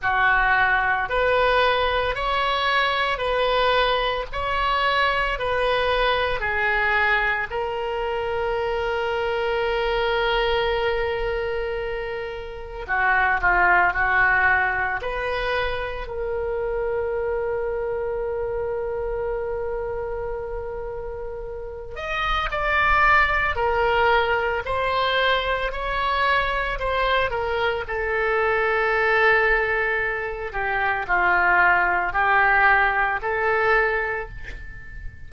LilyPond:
\new Staff \with { instrumentName = "oboe" } { \time 4/4 \tempo 4 = 56 fis'4 b'4 cis''4 b'4 | cis''4 b'4 gis'4 ais'4~ | ais'1 | fis'8 f'8 fis'4 b'4 ais'4~ |
ais'1~ | ais'8 dis''8 d''4 ais'4 c''4 | cis''4 c''8 ais'8 a'2~ | a'8 g'8 f'4 g'4 a'4 | }